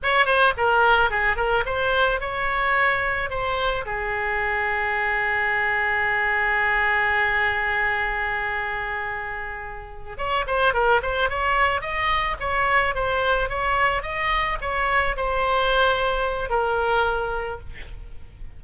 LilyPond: \new Staff \with { instrumentName = "oboe" } { \time 4/4 \tempo 4 = 109 cis''8 c''8 ais'4 gis'8 ais'8 c''4 | cis''2 c''4 gis'4~ | gis'1~ | gis'1~ |
gis'2~ gis'8 cis''8 c''8 ais'8 | c''8 cis''4 dis''4 cis''4 c''8~ | c''8 cis''4 dis''4 cis''4 c''8~ | c''2 ais'2 | }